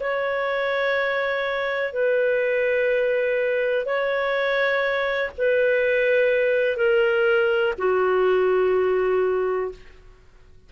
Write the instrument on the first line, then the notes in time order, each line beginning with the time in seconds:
clarinet
0.00 C#5
1.93 B4
3.86 C#5
5.38 B4
6.77 A#4
7.78 F#4